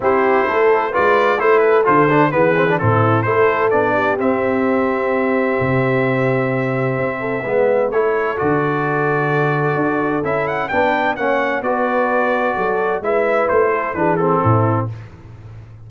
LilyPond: <<
  \new Staff \with { instrumentName = "trumpet" } { \time 4/4 \tempo 4 = 129 c''2 d''4 c''8 b'8 | c''4 b'4 a'4 c''4 | d''4 e''2.~ | e''1~ |
e''4 cis''4 d''2~ | d''2 e''8 fis''8 g''4 | fis''4 d''2. | e''4 c''4 b'8 a'4. | }
  \new Staff \with { instrumentName = "horn" } { \time 4/4 g'4 a'4 b'4 a'4~ | a'4 gis'4 e'4 a'4~ | a'8 g'2.~ g'8~ | g'2.~ g'8 a'8 |
b'4 a'2.~ | a'2. b'4 | cis''4 b'2 a'4 | b'4. a'8 gis'4 e'4 | }
  \new Staff \with { instrumentName = "trombone" } { \time 4/4 e'2 f'4 e'4 | f'8 d'8 b8 c'16 d'16 c'4 e'4 | d'4 c'2.~ | c'1 |
b4 e'4 fis'2~ | fis'2 e'4 d'4 | cis'4 fis'2. | e'2 d'8 c'4. | }
  \new Staff \with { instrumentName = "tuba" } { \time 4/4 c'4 a4 gis4 a4 | d4 e4 a,4 a4 | b4 c'2. | c2. c'4 |
gis4 a4 d2~ | d4 d'4 cis'4 b4 | ais4 b2 fis4 | gis4 a4 e4 a,4 | }
>>